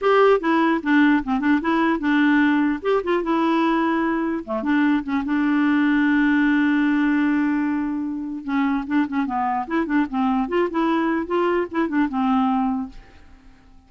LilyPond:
\new Staff \with { instrumentName = "clarinet" } { \time 4/4 \tempo 4 = 149 g'4 e'4 d'4 c'8 d'8 | e'4 d'2 g'8 f'8 | e'2. a8 d'8~ | d'8 cis'8 d'2.~ |
d'1~ | d'4 cis'4 d'8 cis'8 b4 | e'8 d'8 c'4 f'8 e'4. | f'4 e'8 d'8 c'2 | }